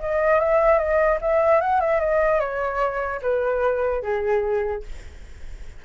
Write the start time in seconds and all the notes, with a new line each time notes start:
0.00 D#5
0.40 E5
0.79 D#5
1.21 E5
1.61 F#5
1.81 E5
2.00 D#5
2.40 C#5
3.22 B4
4.03 G#4